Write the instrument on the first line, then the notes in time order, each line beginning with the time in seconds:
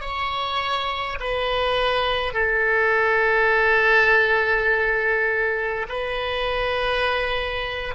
oboe
0.00 C#5
1.19 B4
2.33 A4
5.88 B4